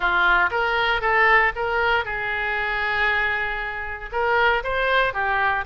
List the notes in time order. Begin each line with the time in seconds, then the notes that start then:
0.00 F4
0.50 A#4
1.01 A4
1.55 A#4
2.04 G#4
4.12 A#4
4.63 C5
5.13 G4